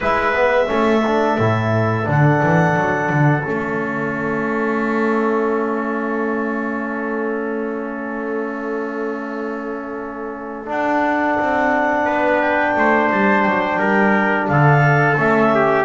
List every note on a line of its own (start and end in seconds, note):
0.00 0.69 G#3
0.00 0.34 E4
0.00 0.67 B4
0.00 2.09 E5
0.34 0.66 B3
0.66 1.38 A3
0.66 1.00 C#4
0.66 12.05 A4
1.06 1.39 D4
1.38 2.07 A2
1.38 2.03 E4
2.03 2.42 D3
2.03 3.41 D4
2.10 3.43 F#5
2.42 2.76 E3
2.76 3.09 F#3
3.09 3.44 D3
3.43 10.69 A3
3.43 10.66 C#4
3.43 10.67 E5
10.66 15.14 D4
10.66 11.38 D4
10.66 12.40 F#5
11.39 12.06 C4
12.05 12.75 B3
12.05 12.74 B4
12.40 13.09 G5
12.76 13.10 A3
12.76 13.78 C5
13.11 13.45 G3
13.11 13.42 A5
13.42 13.79 F#3
13.42 14.45 G5
13.78 14.48 G3
13.78 14.47 A#4
14.47 15.17 D3
14.47 15.54 A4
14.47 15.16 F5
15.16 15.85 A3
15.16 15.85 C#4
15.16 15.85 E5
15.54 15.85 G4